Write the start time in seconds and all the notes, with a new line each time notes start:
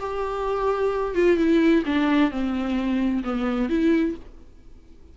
0.00 G4
1.15 F4
1.37 E4
1.86 D4
2.31 C4
3.25 B3
3.70 E4